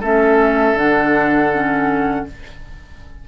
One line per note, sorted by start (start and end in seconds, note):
0.00 0.74 A3
0.00 0.77 C#4
0.00 2.25 A4
0.00 0.78 E5
0.74 2.24 D3
0.74 1.52 D4
0.74 2.28 F#5
1.52 2.27 C#4